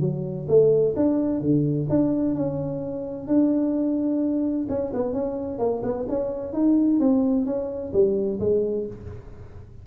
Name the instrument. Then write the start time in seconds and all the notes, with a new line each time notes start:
tuba
0.00 F#3
0.48 A3
0.96 D4
1.40 D3
1.89 D4
2.35 C#4
3.27 D4
4.69 C#4
4.93 B3
5.13 C#4
5.58 A#3
5.83 B3
6.08 C#4
6.53 D#4
6.99 C4
7.45 C#4
7.93 G3
8.40 G#3